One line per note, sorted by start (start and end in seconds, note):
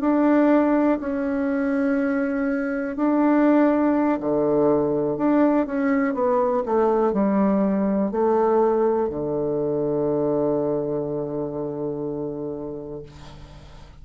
0.00 0.98 D4
1.00 2.96 C#4
2.96 4.19 D4
4.20 5.17 D3
5.17 5.66 D4
5.66 6.14 C#4
6.14 6.63 B3
6.65 7.13 A3
7.13 8.11 G3
8.11 9.09 A3
9.09 13.02 D3